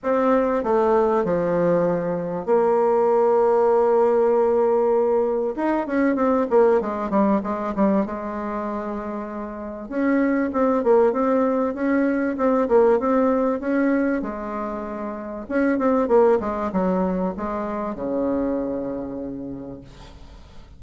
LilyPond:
\new Staff \with { instrumentName = "bassoon" } { \time 4/4 \tempo 4 = 97 c'4 a4 f2 | ais1~ | ais4 dis'8 cis'8 c'8 ais8 gis8 g8 | gis8 g8 gis2. |
cis'4 c'8 ais8 c'4 cis'4 | c'8 ais8 c'4 cis'4 gis4~ | gis4 cis'8 c'8 ais8 gis8 fis4 | gis4 cis2. | }